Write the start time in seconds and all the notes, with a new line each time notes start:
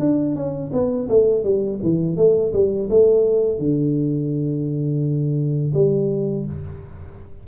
0.00 D4
0.36 C#4
0.73 B3
1.09 A3
1.44 G3
1.83 E3
2.17 A3
2.54 G3
2.90 A3
3.59 D3
5.74 G3